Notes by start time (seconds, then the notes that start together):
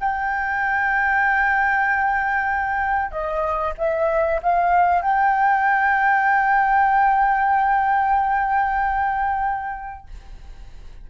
0.00 G5
3.11 D#5
3.78 E5
4.42 F5
5.02 G5